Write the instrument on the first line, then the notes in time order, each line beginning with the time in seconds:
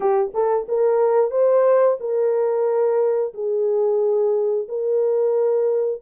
horn
0.00 G4
0.34 A4
0.68 A#4
1.30 C5
2.00 A#4
3.34 G#4
4.68 A#4